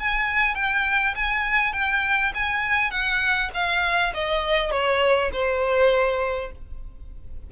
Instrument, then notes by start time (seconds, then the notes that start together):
violin
0.00 G#5
0.55 G5
1.16 G#5
1.73 G5
2.35 G#5
2.91 F#5
3.54 F5
4.14 D#5
4.71 C#5
5.33 C5